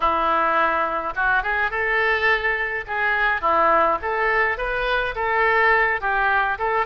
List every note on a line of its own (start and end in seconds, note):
0.00 1.13 E4
1.15 1.42 F#4
1.42 1.70 G#4
1.70 2.84 A4
2.87 3.41 G#4
3.41 3.98 E4
4.02 4.57 A4
4.57 5.14 B4
5.15 6.01 A4
6.01 6.58 G4
6.58 6.86 A4